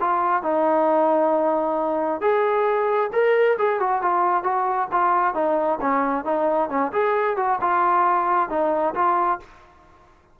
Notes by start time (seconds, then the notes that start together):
0.00 F4
0.42 D#4
2.21 G#4
3.13 A#4
3.58 G#4
3.80 F#4
4.02 F4
4.43 F#4
4.92 F4
5.34 D#4
5.81 C#4
6.24 D#4
6.69 C#4
6.92 G#4
7.37 F#4
7.61 F4
8.49 D#4
8.95 F4